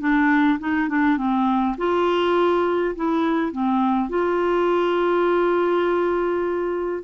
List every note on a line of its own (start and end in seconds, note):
0.00 0.59 D4
0.60 0.89 D#4
0.89 1.17 D4
1.17 1.76 C4
1.78 2.95 F4
2.96 3.52 E4
3.52 4.10 C4
4.10 7.04 F4